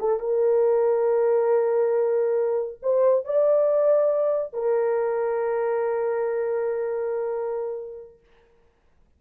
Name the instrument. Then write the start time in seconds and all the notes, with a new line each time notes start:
horn
0.00 A4
0.20 A#4
2.83 C5
3.26 D5
4.53 A#4